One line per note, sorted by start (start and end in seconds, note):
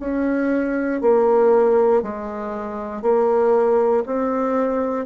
0.00 1.02 C#4
1.02 2.02 A#3
2.02 3.02 G#3
3.02 4.04 A#3
4.06 5.06 C4